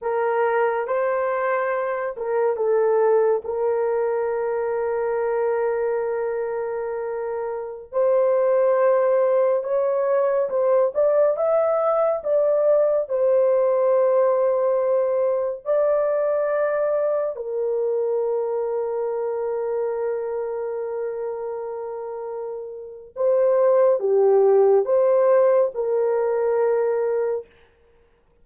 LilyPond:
\new Staff \with { instrumentName = "horn" } { \time 4/4 \tempo 4 = 70 ais'4 c''4. ais'8 a'4 | ais'1~ | ais'4~ ais'16 c''2 cis''8.~ | cis''16 c''8 d''8 e''4 d''4 c''8.~ |
c''2~ c''16 d''4.~ d''16~ | d''16 ais'2.~ ais'8.~ | ais'2. c''4 | g'4 c''4 ais'2 | }